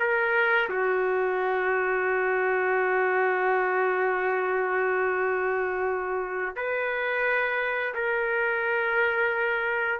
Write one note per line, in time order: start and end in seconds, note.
0.00 0.69 A#4
0.70 6.56 F#4
6.56 7.94 B4
7.94 10.00 A#4